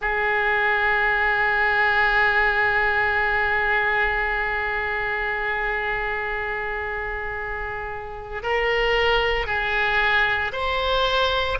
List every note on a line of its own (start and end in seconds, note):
0.01 8.42 G#4
8.42 9.46 A#4
9.46 10.51 G#4
10.52 11.57 C5